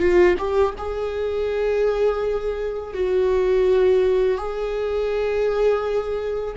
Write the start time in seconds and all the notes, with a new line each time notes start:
0.00 F4
0.39 G4
0.79 G#4
2.94 F#4
4.38 G#4